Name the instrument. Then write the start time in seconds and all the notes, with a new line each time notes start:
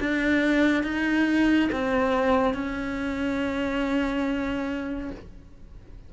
cello
0.00 D4
0.84 D#4
1.72 C4
2.54 C#4